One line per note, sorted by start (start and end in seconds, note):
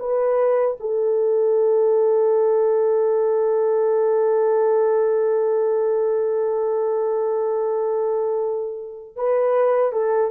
0.00 0.78 B4
0.80 9.17 A4
9.17 9.93 B4
9.93 10.31 A4